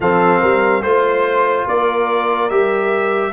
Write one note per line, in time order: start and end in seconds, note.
0.00 0.41 F3
0.00 0.84 C4
0.00 0.40 A4
0.00 0.82 F5
0.40 0.82 G3
0.40 0.81 A#4
0.82 1.65 A3
0.82 2.50 F4
0.82 1.65 C5
1.66 2.50 A#3
1.66 3.32 A#4
1.66 2.49 D5
2.49 3.32 G3
2.49 3.32 G4
2.49 3.32 E5